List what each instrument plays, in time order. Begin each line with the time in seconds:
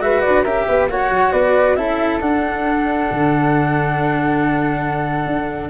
0.00 tuba G#3, cello F#4, flute B4 E5
0.21 flute D5
0.27 tuba D4
0.43 tuba C#4, cello G4, flute A#4 E5
0.67 tuba B3, flute B4
0.89 tuba A#3, cello F#4, flute C#5 F#5
1.10 tuba F#3
1.32 tuba B3, flute B4 D5
1.76 tuba C#4, cello E4, flute A4 E5
2.20 cello D4, tuba D4, flute F#5
3.11 tuba D3
5.26 tuba D4